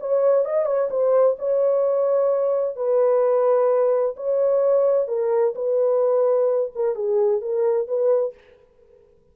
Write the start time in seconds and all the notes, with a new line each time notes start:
0.00 C#5
0.45 D#5
0.66 C#5
0.90 C5
1.39 C#5
2.76 B4
4.17 C#5
5.08 A#4
5.55 B4
6.75 A#4
6.95 G#4
7.41 A#4
7.88 B4